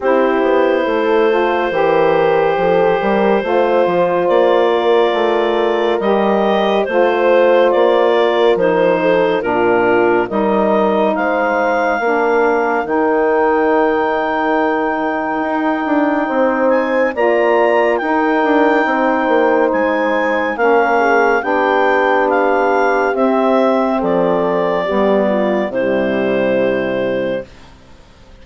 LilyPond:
<<
  \new Staff \with { instrumentName = "clarinet" } { \time 4/4 \tempo 4 = 70 c''1~ | c''4 d''2 dis''4 | c''4 d''4 c''4 ais'4 | dis''4 f''2 g''4~ |
g''2.~ g''8 gis''8 | ais''4 g''2 gis''4 | f''4 g''4 f''4 e''4 | d''2 c''2 | }
  \new Staff \with { instrumentName = "horn" } { \time 4/4 g'4 a'4 ais'4 a'8 ais'8 | c''4. ais'2~ ais'8 | c''4. ais'4 a'8 f'4 | ais'4 c''4 ais'2~ |
ais'2. c''4 | d''4 ais'4 c''2 | ais'8 gis'8 g'2. | a'4 g'8 f'8 e'2 | }
  \new Staff \with { instrumentName = "saxophone" } { \time 4/4 e'4. f'8 g'2 | f'2. g'4 | f'2 dis'4 d'4 | dis'2 d'4 dis'4~ |
dis'1 | f'4 dis'2. | cis'4 d'2 c'4~ | c'4 b4 g2 | }
  \new Staff \with { instrumentName = "bassoon" } { \time 4/4 c'8 b8 a4 e4 f8 g8 | a8 f8 ais4 a4 g4 | a4 ais4 f4 ais,4 | g4 gis4 ais4 dis4~ |
dis2 dis'8 d'8 c'4 | ais4 dis'8 d'8 c'8 ais8 gis4 | ais4 b2 c'4 | f4 g4 c2 | }
>>